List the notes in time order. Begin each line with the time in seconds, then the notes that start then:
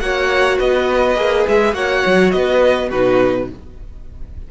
0.00 A#3 F#4 C#5 F#5
0.59 B3 B4 D#5
1.16 A#3 G#4
1.48 G#3 E5
1.73 A#3 F#4 C#5 F#5
2.07 F#3
2.31 B3 B4 D#5
2.89 B2 D#4 F#4 B4